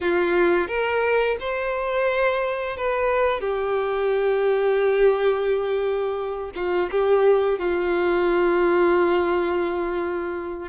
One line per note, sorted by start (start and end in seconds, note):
0.00 0.67 F4
0.67 1.36 A#4
1.39 2.76 C5
2.76 3.40 B4
3.40 6.50 G4
6.55 6.89 F4
6.91 7.58 G4
7.58 10.68 F4